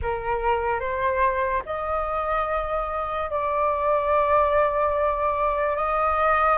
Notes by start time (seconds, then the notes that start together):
0.01 A#4
0.80 C5
1.65 D#5
3.30 D5
5.76 D#5